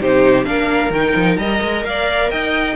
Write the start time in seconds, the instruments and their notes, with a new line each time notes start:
0.00 cello C3, viola D#4, violin G4 C5
0.45 cello A#3, viola D4, violin A#4 F5
0.90 cello D#3, viola D#4, violin G5
1.15 cello F3
1.36 cello G3, viola A#4, violin D#5 A#5
1.61 cello G#3
1.84 cello A#3, violin D5 F5
2.30 cello D#4, violin D#5 G5